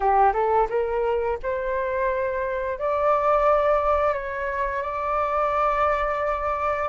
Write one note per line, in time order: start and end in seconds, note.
0.00 0.32 G4
0.33 0.67 A4
0.69 1.38 A#4
1.42 2.78 C5
2.78 4.13 D5
4.13 4.82 C#5
4.82 6.88 D5